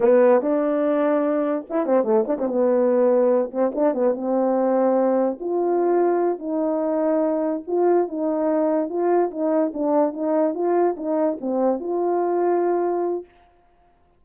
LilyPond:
\new Staff \with { instrumentName = "horn" } { \time 4/4 \tempo 4 = 145 b4 d'2. | e'8 c'8 a8 d'16 c'16 b2~ | b8 c'8 d'8 b8 c'2~ | c'4 f'2~ f'8 dis'8~ |
dis'2~ dis'8 f'4 dis'8~ | dis'4. f'4 dis'4 d'8~ | d'8 dis'4 f'4 dis'4 c'8~ | c'8 f'2.~ f'8 | }